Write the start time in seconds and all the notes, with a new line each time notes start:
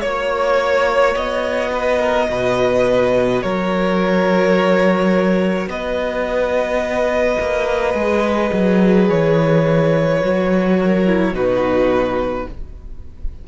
0.00 A#3 F#4 C#5
1.15 B3 D#5
1.72 B4
1.99 A#4
2.29 B2 B4
3.42 F#3 A#4 C#5
5.67 B3 B4 D#5
7.40 A#3
7.94 G#3 G#4
8.52 F#3
9.09 E3 C#5
10.20 F#3 F#4
10.79 A#4
11.05 E4
11.32 B2 D#4 F#4 B4